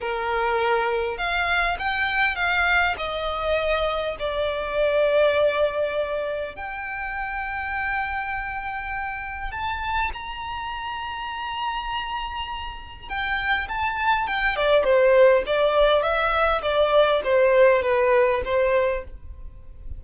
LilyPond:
\new Staff \with { instrumentName = "violin" } { \time 4/4 \tempo 4 = 101 ais'2 f''4 g''4 | f''4 dis''2 d''4~ | d''2. g''4~ | g''1 |
a''4 ais''2.~ | ais''2 g''4 a''4 | g''8 d''8 c''4 d''4 e''4 | d''4 c''4 b'4 c''4 | }